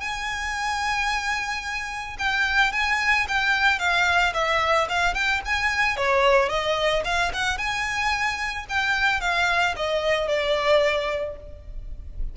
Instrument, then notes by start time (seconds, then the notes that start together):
violin
0.00 G#5
2.18 G5
2.72 G#5
3.28 G5
3.79 F5
4.34 E5
4.89 F5
5.14 G5
5.45 G#5
5.96 C#5
6.49 D#5
7.04 F5
7.33 F#5
7.57 G#5
8.69 G5
9.21 F5
9.76 D#5
10.28 D5